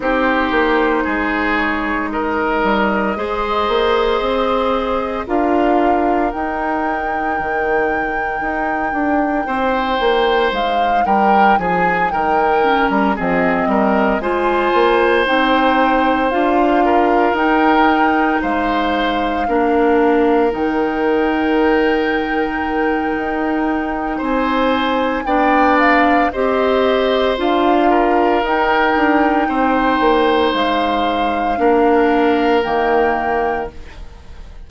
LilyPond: <<
  \new Staff \with { instrumentName = "flute" } { \time 4/4 \tempo 4 = 57 c''4. cis''8 dis''2~ | dis''4 f''4 g''2~ | g''2 f''8 g''8 gis''8 g''8~ | g''16 ais''16 dis''4 gis''4 g''4 f''8~ |
f''8 g''4 f''2 g''8~ | g''2. gis''4 | g''8 f''8 dis''4 f''4 g''4~ | g''4 f''2 g''4 | }
  \new Staff \with { instrumentName = "oboe" } { \time 4/4 g'4 gis'4 ais'4 c''4~ | c''4 ais'2.~ | ais'4 c''4. ais'8 gis'8 ais'8~ | ais'8 gis'8 ais'8 c''2~ c''8 |
ais'4. c''4 ais'4.~ | ais'2. c''4 | d''4 c''4. ais'4. | c''2 ais'2 | }
  \new Staff \with { instrumentName = "clarinet" } { \time 4/4 dis'2. gis'4~ | gis'4 f'4 dis'2~ | dis'1 | cis'8 c'4 f'4 dis'4 f'8~ |
f'8 dis'2 d'4 dis'8~ | dis'1 | d'4 g'4 f'4 dis'4~ | dis'2 d'4 ais4 | }
  \new Staff \with { instrumentName = "bassoon" } { \time 4/4 c'8 ais8 gis4. g8 gis8 ais8 | c'4 d'4 dis'4 dis4 | dis'8 d'8 c'8 ais8 gis8 g8 f8 dis8~ | dis16 g16 f8 g8 gis8 ais8 c'4 d'8~ |
d'8 dis'4 gis4 ais4 dis8~ | dis2 dis'4 c'4 | b4 c'4 d'4 dis'8 d'8 | c'8 ais8 gis4 ais4 dis4 | }
>>